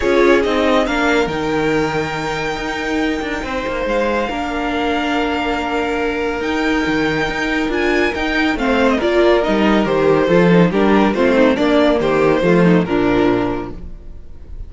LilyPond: <<
  \new Staff \with { instrumentName = "violin" } { \time 4/4 \tempo 4 = 140 cis''4 dis''4 f''4 g''4~ | g''1~ | g''4 f''2.~ | f''2. g''4~ |
g''2 gis''4 g''4 | f''8. dis''16 d''4 dis''4 c''4~ | c''4 ais'4 c''4 d''4 | c''2 ais'2 | }
  \new Staff \with { instrumentName = "violin" } { \time 4/4 gis'2 ais'2~ | ais'1 | c''2 ais'2~ | ais'1~ |
ais'1 | c''4 ais'2. | a'4 g'4 f'8 dis'8 d'4 | g'4 f'8 dis'8 d'2 | }
  \new Staff \with { instrumentName = "viola" } { \time 4/4 f'4 dis'4 d'4 dis'4~ | dis'1~ | dis'2 d'2~ | d'2. dis'4~ |
dis'2 f'4 dis'4 | c'4 f'4 dis'4 g'4 | f'8 dis'8 d'4 c'4 ais4~ | ais4 a4 f2 | }
  \new Staff \with { instrumentName = "cello" } { \time 4/4 cis'4 c'4 ais4 dis4~ | dis2 dis'4. d'8 | c'8 ais8 gis4 ais2~ | ais2. dis'4 |
dis4 dis'4 d'4 dis'4 | a4 ais4 g4 dis4 | f4 g4 a4 ais4 | dis4 f4 ais,2 | }
>>